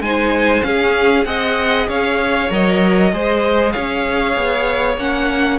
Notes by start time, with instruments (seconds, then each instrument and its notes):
0.00 cello G#3, viola D#4, violin C5 G#5
0.61 viola C#4, cello C#4, violin G#4 F5
1.25 cello C4, viola G#4, violin D#5 F#5
1.87 cello C#4, violin C#5 F5
2.50 cello F#3, viola A#4, violin D#5
3.12 cello G#3, viola G#4, violin C5
3.72 cello C#4, violin C#5 F5
4.36 cello B3
4.97 cello A#3, viola C#4, violin F#5